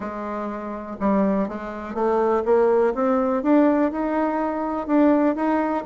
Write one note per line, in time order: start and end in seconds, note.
0.00 0.96 G#3
1.00 1.48 G3
1.48 1.94 G#3
1.94 2.43 A3
2.45 2.93 A#3
2.94 3.42 C4
3.42 3.91 D4
3.91 4.87 D#4
4.87 5.35 D4
5.35 5.84 D#4